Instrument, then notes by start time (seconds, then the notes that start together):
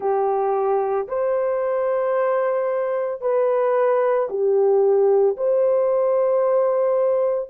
horn
0.00 G4
1.08 C5
3.21 B4
4.29 G4
5.36 C5